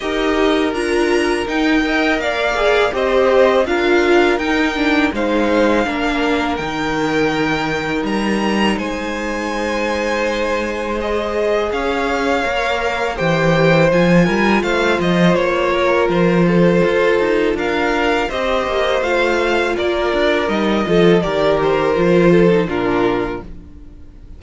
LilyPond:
<<
  \new Staff \with { instrumentName = "violin" } { \time 4/4 \tempo 4 = 82 dis''4 ais''4 g''4 f''4 | dis''4 f''4 g''4 f''4~ | f''4 g''2 ais''4 | gis''2. dis''4 |
f''2 g''4 gis''4 | f''8 dis''8 cis''4 c''2 | f''4 dis''4 f''4 d''4 | dis''4 d''8 c''4. ais'4 | }
  \new Staff \with { instrumentName = "violin" } { \time 4/4 ais'2~ ais'8 dis''8 d''4 | c''4 ais'2 c''4 | ais'1 | c''1 |
cis''2 c''4. ais'8 | c''4. ais'4 a'4. | ais'4 c''2 ais'4~ | ais'8 a'8 ais'4. a'8 f'4 | }
  \new Staff \with { instrumentName = "viola" } { \time 4/4 g'4 f'4 dis'8 ais'4 gis'8 | g'4 f'4 dis'8 d'8 dis'4 | d'4 dis'2.~ | dis'2. gis'4~ |
gis'4 ais'4 g'4 f'4~ | f'1~ | f'4 g'4 f'2 | dis'8 f'8 g'4 f'8. dis'16 d'4 | }
  \new Staff \with { instrumentName = "cello" } { \time 4/4 dis'4 d'4 dis'4 ais4 | c'4 d'4 dis'4 gis4 | ais4 dis2 g4 | gis1 |
cis'4 ais4 e4 f8 g8 | a8 f8 ais4 f4 f'8 dis'8 | d'4 c'8 ais8 a4 ais8 d'8 | g8 f8 dis4 f4 ais,4 | }
>>